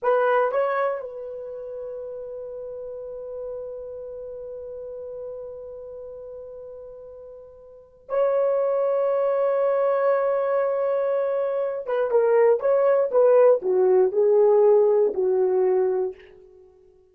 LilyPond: \new Staff \with { instrumentName = "horn" } { \time 4/4 \tempo 4 = 119 b'4 cis''4 b'2~ | b'1~ | b'1~ | b'1 |
cis''1~ | cis''2.~ cis''8 b'8 | ais'4 cis''4 b'4 fis'4 | gis'2 fis'2 | }